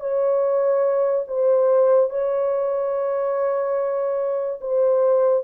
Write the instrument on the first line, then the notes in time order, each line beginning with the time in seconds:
horn
0.00 C#5
1.28 C5
2.10 C#5
4.61 C5